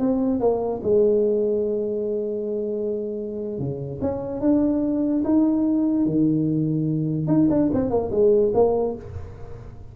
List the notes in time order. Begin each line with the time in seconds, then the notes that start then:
0.00 C4
0.40 A#3
0.83 G#3
3.59 C#3
4.02 C#4
4.41 D4
5.25 D#4
6.06 D#3
7.28 D#4
7.50 D4
7.74 C4
7.91 A#3
8.12 G#3
8.54 A#3